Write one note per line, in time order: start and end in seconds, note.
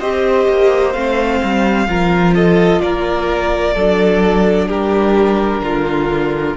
0.00 0.48 C4
0.00 0.94 G4
0.00 1.88 C5
0.00 0.93 D#5
0.49 0.95 A#3
0.93 1.42 A3
0.93 1.88 C4
0.93 2.34 F5
1.44 1.88 G3
1.88 2.81 F3
1.88 3.76 F4
1.88 2.35 A#4
2.35 2.82 A4
2.35 2.81 D#5
2.81 3.76 A#3
2.81 3.75 A#4
2.81 4.69 D5
3.75 4.70 F#3
3.75 6.57 D4
3.75 4.68 A4
4.68 5.62 G3
4.68 5.62 G4
4.68 6.57 A#4
5.62 6.55 D3
5.62 6.57 F4